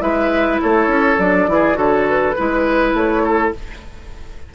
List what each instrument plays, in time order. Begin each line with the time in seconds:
0.00 bassoon G#3, clarinet E4, oboe B4, flute E5
0.62 bassoon A3, oboe A4, flute C#5
0.88 bassoon C#4
1.19 bassoon F#3, clarinet D4, flute D5
1.48 bassoon E3, clarinet E4, oboe G#4
1.74 bassoon D3, clarinet F#4, oboe A4, flute C#5
2.09 flute B4
2.36 bassoon G#3, clarinet E4, oboe B4
2.94 bassoon A3, flute C#5
3.24 oboe A4